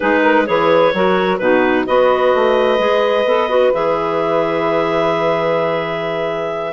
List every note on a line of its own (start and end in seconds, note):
0.00 0.48 G#3
0.00 0.45 D#4
0.00 0.22 G#4
0.00 0.46 B4
0.22 0.45 A#4
0.45 0.93 E3
0.45 0.92 G#4
0.45 0.93 B4
0.45 1.38 C#5
0.93 1.39 F#3
0.93 1.40 F#4
0.93 1.40 A#4
1.38 1.86 B2
1.38 1.86 D#4
1.38 1.86 F#4
1.38 1.84 B4
1.86 2.34 B3
1.86 2.78 F#4
1.86 6.72 B4
1.86 3.72 D#5
2.34 2.79 A3
2.78 3.25 G#3
2.78 3.24 G#4
3.25 3.71 B3
3.25 3.49 A4
3.49 3.72 F#4
3.73 6.72 E3
3.73 6.72 G#4
3.73 6.72 E5